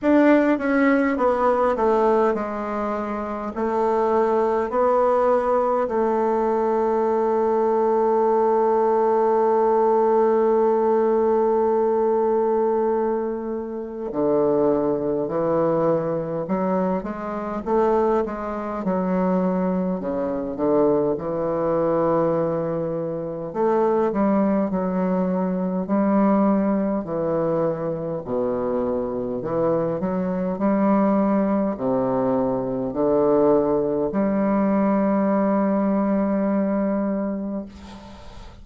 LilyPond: \new Staff \with { instrumentName = "bassoon" } { \time 4/4 \tempo 4 = 51 d'8 cis'8 b8 a8 gis4 a4 | b4 a2.~ | a1 | d4 e4 fis8 gis8 a8 gis8 |
fis4 cis8 d8 e2 | a8 g8 fis4 g4 e4 | b,4 e8 fis8 g4 c4 | d4 g2. | }